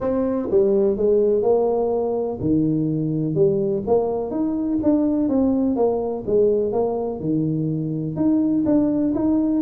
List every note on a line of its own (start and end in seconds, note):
0.00 0.48 C4
0.51 0.96 G3
0.96 1.42 G#3
1.42 2.38 A#3
2.40 3.34 D#3
3.34 3.82 G3
3.86 4.30 A#3
4.30 4.78 D#4
4.82 5.28 D4
5.28 5.76 C4
5.76 6.24 A#3
6.26 6.72 G#3
6.72 7.20 A#3
7.20 8.16 D#3
8.16 8.64 D#4
8.65 9.13 D4
9.14 9.62 D#4